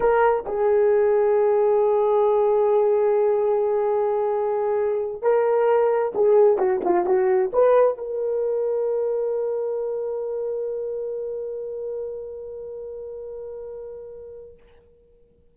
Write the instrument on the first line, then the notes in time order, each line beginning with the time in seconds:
horn
0.00 A#4
0.46 G#4
5.22 A#4
6.14 G#4
6.58 F#4
6.84 F4
7.05 F#4
7.52 B4
7.97 A#4